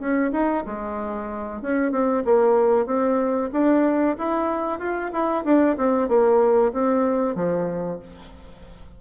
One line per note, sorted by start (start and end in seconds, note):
0.00 0.32 C#4
0.32 0.64 D#4
0.66 1.62 G#3
1.62 1.92 C#4
1.92 2.24 C4
2.25 2.87 A#3
2.87 3.50 C4
3.53 4.17 D4
4.18 4.79 E4
4.79 5.11 F4
5.13 5.45 E4
5.45 5.77 D4
5.78 6.09 C4
6.09 6.73 A#3
6.73 7.35 C4
7.35 7.99 F3